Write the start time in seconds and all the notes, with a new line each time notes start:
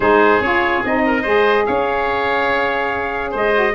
0.00 G#3 D#4 G#4 C5
0.40 C#4 F4 C#5
0.84 C4 D#4 D#5
1.06 A#4
1.22 G#3 G#4 C5
1.66 C#4 C#5 F5
3.31 G#3 C5 D#5
3.53 F#4